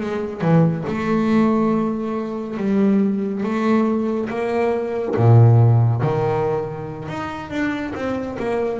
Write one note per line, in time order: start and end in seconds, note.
0.00 0.41 G#3
0.41 0.84 E3
0.87 2.57 A3
2.57 3.43 G3
3.43 4.29 A3
4.29 5.15 A#3
5.16 6.02 A#2
6.02 7.08 D#3
7.08 7.50 D#4
7.50 7.93 D4
7.94 8.37 C4
8.39 8.79 A#3